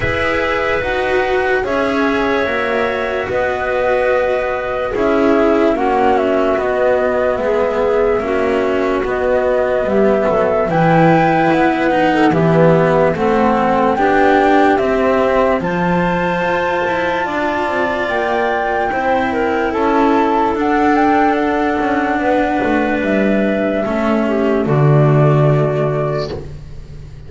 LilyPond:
<<
  \new Staff \with { instrumentName = "flute" } { \time 4/4 \tempo 4 = 73 e''4 fis''4 e''2 | dis''2 e''4 fis''8 e''8 | dis''4 e''2 dis''4 | e''4 g''4 fis''4 e''4 |
fis''4 g''4 e''4 a''4~ | a''2 g''2 | a''4 fis''8 g''8 fis''2 | e''2 d''2 | }
  \new Staff \with { instrumentName = "clarinet" } { \time 4/4 b'2 cis''2 | b'2 gis'4 fis'4~ | fis'4 gis'4 fis'2 | g'8 a'8 b'4.~ b'16 a'16 g'4 |
a'4 g'2 c''4~ | c''4 d''2 c''8 ais'8 | a'2. b'4~ | b'4 a'8 g'8 fis'2 | }
  \new Staff \with { instrumentName = "cello" } { \time 4/4 gis'4 fis'4 gis'4 fis'4~ | fis'2 e'4 cis'4 | b2 cis'4 b4~ | b4 e'4. dis'8 b4 |
c'4 d'4 c'4 f'4~ | f'2. e'4~ | e'4 d'2.~ | d'4 cis'4 a2 | }
  \new Staff \with { instrumentName = "double bass" } { \time 4/4 e'4 dis'4 cis'4 ais4 | b2 cis'4 ais4 | b4 gis4 ais4 b4 | g8 fis8 e4 b4 e4 |
a4 b4 c'4 f4 | f'8 e'8 d'8 c'8 ais4 c'4 | cis'4 d'4. cis'8 b8 a8 | g4 a4 d2 | }
>>